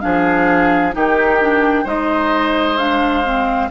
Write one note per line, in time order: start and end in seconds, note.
0.00 0.95 F3
0.00 0.92 D4
0.00 0.95 G#4
0.00 0.92 F5
0.92 1.85 D#3
0.92 1.38 D#4
0.92 1.84 G4
0.92 1.87 G5
1.40 1.85 D4
1.84 3.69 G#3
1.84 2.77 D#4
1.84 3.68 C5
1.84 2.77 D#5
2.77 3.23 D4
2.77 3.69 F5
3.24 3.70 C4